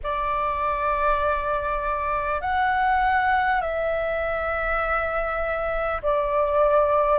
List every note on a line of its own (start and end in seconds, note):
0.03 2.41 D5
2.41 3.61 F#5
3.61 6.01 E5
6.02 7.18 D5